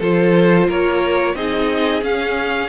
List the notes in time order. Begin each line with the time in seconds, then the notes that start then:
0.00 F3 F4 A4 C5
0.68 A#3 A#4 C#5
1.35 C4 D#4 G#4 D#5
2.02 C#4 F5